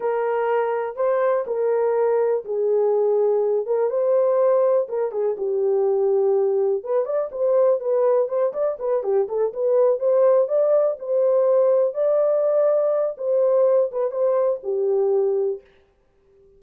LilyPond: \new Staff \with { instrumentName = "horn" } { \time 4/4 \tempo 4 = 123 ais'2 c''4 ais'4~ | ais'4 gis'2~ gis'8 ais'8 | c''2 ais'8 gis'8 g'4~ | g'2 b'8 d''8 c''4 |
b'4 c''8 d''8 b'8 g'8 a'8 b'8~ | b'8 c''4 d''4 c''4.~ | c''8 d''2~ d''8 c''4~ | c''8 b'8 c''4 g'2 | }